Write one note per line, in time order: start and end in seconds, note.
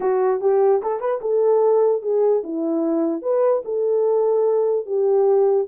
0.00 0.41 F#4
0.41 0.81 G4
0.82 1.00 A4
1.00 1.20 B4
1.21 2.02 A4
2.02 2.42 G#4
2.43 3.22 E4
3.22 3.62 B4
3.64 4.85 A4
4.85 5.66 G4